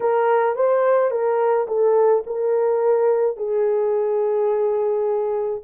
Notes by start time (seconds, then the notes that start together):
0.00 A#4
0.55 C5
1.11 A#4
1.67 A4
2.26 A#4
3.36 G#4